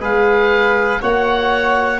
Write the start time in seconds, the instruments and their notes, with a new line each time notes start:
0.00 tuba G#3, trombone G#4, violin B4, oboe F5
1.01 tuba A#3, trombone F#4, violin C#5, oboe F#5